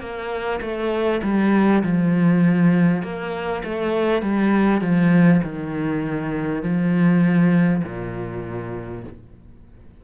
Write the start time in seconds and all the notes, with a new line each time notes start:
0.00 A#3
0.61 A3
1.23 G3
1.83 F3
3.02 A#3
3.64 A3
4.22 G3
4.81 F3
5.43 D#3
6.63 F3
7.84 A#2